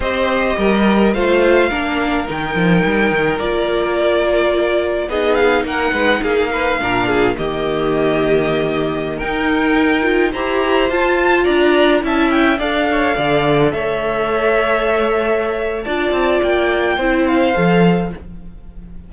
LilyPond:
<<
  \new Staff \with { instrumentName = "violin" } { \time 4/4 \tempo 4 = 106 dis''2 f''2 | g''2 d''2~ | d''4 dis''8 f''8 fis''4 f''4~ | f''4 dis''2.~ |
dis''16 g''2 ais''4 a''8.~ | a''16 ais''4 a''8 g''8 f''4.~ f''16~ | f''16 e''2.~ e''8. | a''4 g''4. f''4. | }
  \new Staff \with { instrumentName = "violin" } { \time 4/4 c''4 ais'4 c''4 ais'4~ | ais'1~ | ais'4 gis'4 ais'8 b'8 gis'8 b'8 | ais'8 gis'8 g'2.~ |
g'16 ais'2 c''4.~ c''16~ | c''16 d''4 e''4 d''8 cis''8 d''8.~ | d''16 cis''2.~ cis''8. | d''2 c''2 | }
  \new Staff \with { instrumentName = "viola" } { \time 4/4 g'2 f'4 d'4 | dis'2 f'2~ | f'4 dis'2. | d'4 ais2.~ |
ais16 dis'4. f'8 g'4 f'8.~ | f'4~ f'16 e'4 a'4.~ a'16~ | a'1 | f'2 e'4 a'4 | }
  \new Staff \with { instrumentName = "cello" } { \time 4/4 c'4 g4 a4 ais4 | dis8 f8 g8 dis8 ais2~ | ais4 b4 ais8 gis8 ais4 | ais,4 dis2.~ |
dis16 dis'2 e'4 f'8.~ | f'16 d'4 cis'4 d'4 d8.~ | d16 a2.~ a8. | d'8 c'8 ais4 c'4 f4 | }
>>